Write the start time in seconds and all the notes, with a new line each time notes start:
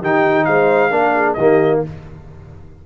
0.00 D#3 D#4 G4 G5
0.44 G#3 C5 F5
0.90 A#3 D4 A#4
1.15 G#4
1.34 D#3 G4 D#5
1.40 A#3